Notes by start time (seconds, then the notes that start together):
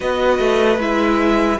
0.00 B3 F#4 B4 D#5
0.38 A3
0.77 G#3 E4 E5